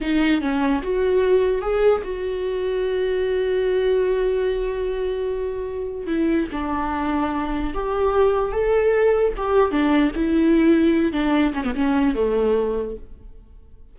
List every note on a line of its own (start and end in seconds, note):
0.00 0.41 D#4
0.41 0.81 C#4
0.82 1.61 F#4
1.61 2.02 G#4
2.03 6.06 F#4
6.06 6.47 E4
6.52 7.73 D4
7.74 8.52 G4
8.52 9.33 A4
9.36 9.71 G4
9.71 10.11 D4
10.15 11.12 E4
11.12 11.53 D4
11.53 11.64 C#4
11.64 11.74 B3
11.74 12.15 C#4
12.15 12.96 A3